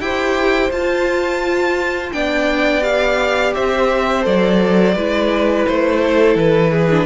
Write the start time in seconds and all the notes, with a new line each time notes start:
0.00 E4 G4 C5 G5
0.71 F4 A5
2.13 B3 D4 D5 G5
2.82 G4 F5
3.55 C4 C5 E5
4.22 F#3 A4 D5
4.95 G#3 E4 B4
5.66 A3 C5
6.01 A4
6.36 E3 B4
6.72 G#4
6.91 D4